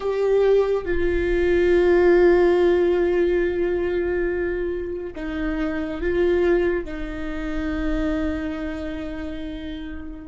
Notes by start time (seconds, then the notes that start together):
0.00 G4
0.85 F4
5.15 D#4
6.01 F4
6.85 D#4